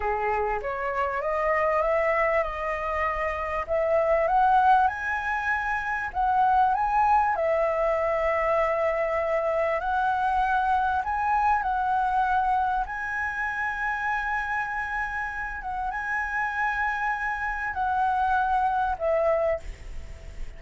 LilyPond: \new Staff \with { instrumentName = "flute" } { \time 4/4 \tempo 4 = 98 gis'4 cis''4 dis''4 e''4 | dis''2 e''4 fis''4 | gis''2 fis''4 gis''4 | e''1 |
fis''2 gis''4 fis''4~ | fis''4 gis''2.~ | gis''4. fis''8 gis''2~ | gis''4 fis''2 e''4 | }